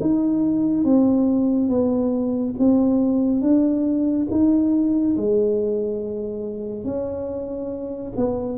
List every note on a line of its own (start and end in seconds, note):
0.00 0.84 D#4
0.84 1.69 C4
1.69 2.54 B3
2.58 3.41 C4
3.41 4.27 D4
4.31 5.16 D#4
5.16 6.84 G#3
6.84 8.12 C#4
8.16 8.58 B3